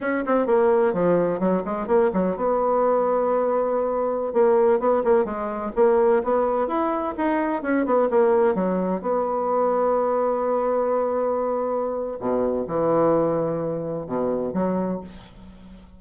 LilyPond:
\new Staff \with { instrumentName = "bassoon" } { \time 4/4 \tempo 4 = 128 cis'8 c'8 ais4 f4 fis8 gis8 | ais8 fis8 b2.~ | b4~ b16 ais4 b8 ais8 gis8.~ | gis16 ais4 b4 e'4 dis'8.~ |
dis'16 cis'8 b8 ais4 fis4 b8.~ | b1~ | b2 b,4 e4~ | e2 b,4 fis4 | }